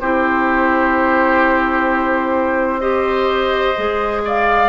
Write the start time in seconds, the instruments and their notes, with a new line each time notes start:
0.00 bassoon C4, clarinet E4, oboe G4, flute C5
2.80 clarinet G4, oboe C5, flute D#5
3.77 bassoon G#3, clarinet G#4
4.25 oboe D5, flute F5